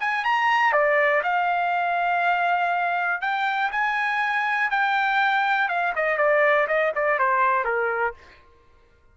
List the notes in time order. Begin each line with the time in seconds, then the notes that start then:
0.00 G#5
0.24 A#5
0.72 D5
1.23 F5
3.21 G5
3.72 G#5
4.70 G5
5.68 F5
5.95 D#5
6.18 D5
6.67 D#5
6.95 D5
7.19 C5
7.65 A#4